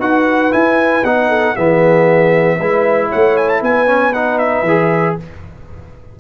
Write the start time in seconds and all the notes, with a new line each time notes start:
0.00 D#4 F#4 B4 F#5
0.52 E4 G#5
1.04 B3 D#4 F#5
1.29 A4
1.55 E3 B3 G#4 E5
2.57 G#3 E4 B4
3.09 A3 C#5 F#5
3.37 G#5
3.49 A5
3.62 B3 B4 G#5
3.87 C#4
4.14 D#4 F#5
4.39 E5
4.63 E3 G#4